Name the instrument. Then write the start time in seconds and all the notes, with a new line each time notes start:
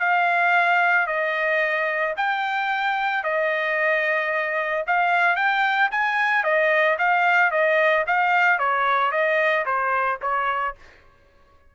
trumpet
0.00 F5
1.07 D#5
2.17 G5
3.24 D#5
4.87 F5
5.36 G5
5.91 G#5
6.44 D#5
6.99 F5
7.51 D#5
8.07 F5
8.59 C#5
9.12 D#5
9.66 C5
10.22 C#5